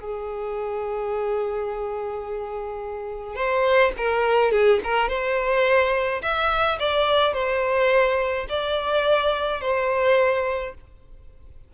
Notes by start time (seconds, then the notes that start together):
0.00 G#4
3.35 C5
3.97 A#4
4.51 G#4
4.83 A#4
5.08 C5
6.22 E5
6.79 D5
7.33 C5
8.49 D5
9.61 C5